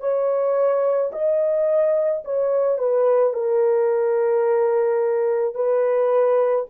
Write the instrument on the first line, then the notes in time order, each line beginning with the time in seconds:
horn
0.00 C#5
1.12 D#5
2.25 C#5
2.78 B4
3.34 A#4
5.55 B4